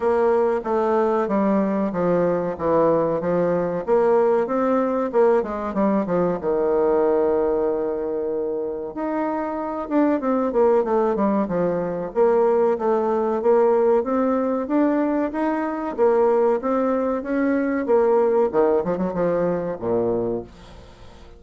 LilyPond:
\new Staff \with { instrumentName = "bassoon" } { \time 4/4 \tempo 4 = 94 ais4 a4 g4 f4 | e4 f4 ais4 c'4 | ais8 gis8 g8 f8 dis2~ | dis2 dis'4. d'8 |
c'8 ais8 a8 g8 f4 ais4 | a4 ais4 c'4 d'4 | dis'4 ais4 c'4 cis'4 | ais4 dis8 f16 fis16 f4 ais,4 | }